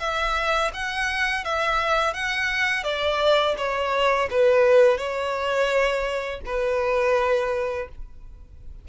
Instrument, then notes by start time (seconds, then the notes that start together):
violin
0.00 E5
0.74 F#5
1.44 E5
2.14 F#5
2.84 D5
3.58 C#5
4.31 B4
4.98 C#5
6.46 B4